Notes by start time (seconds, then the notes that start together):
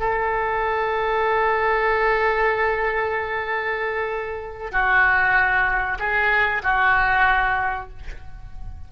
0.00 A4
4.72 F#4
5.99 G#4
6.63 F#4